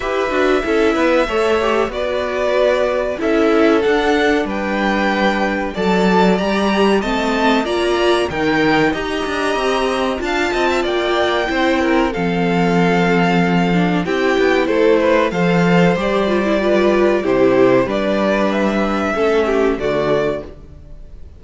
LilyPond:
<<
  \new Staff \with { instrumentName = "violin" } { \time 4/4 \tempo 4 = 94 e''2. d''4~ | d''4 e''4 fis''4 g''4~ | g''4 a''4 ais''4 a''4 | ais''4 g''4 ais''2 |
a''4 g''2 f''4~ | f''2 g''4 c''4 | f''4 d''2 c''4 | d''4 e''2 d''4 | }
  \new Staff \with { instrumentName = "violin" } { \time 4/4 b'4 a'8 b'8 cis''4 b'4~ | b'4 a'2 b'4~ | b'4 d''2 dis''4 | d''4 ais'4 dis''2 |
f''8 dis''16 e''16 d''4 c''8 ais'8 a'4~ | a'2 g'4 a'8 b'8 | c''2 b'4 g'4 | b'2 a'8 g'8 fis'4 | }
  \new Staff \with { instrumentName = "viola" } { \time 4/4 g'8 fis'8 e'4 a'8 g'8 fis'4~ | fis'4 e'4 d'2~ | d'4 a'4 g'4 c'4 | f'4 dis'4 g'2 |
f'2 e'4 c'4~ | c'4. d'8 e'2 | a'4 g'8 f'16 e'16 f'4 e'4 | d'2 cis'4 a4 | }
  \new Staff \with { instrumentName = "cello" } { \time 4/4 e'8 d'8 cis'8 b8 a4 b4~ | b4 cis'4 d'4 g4~ | g4 fis4 g4 a4 | ais4 dis4 dis'8 d'8 c'4 |
d'8 c'8 ais4 c'4 f4~ | f2 c'8 b8 a4 | f4 g2 c4 | g2 a4 d4 | }
>>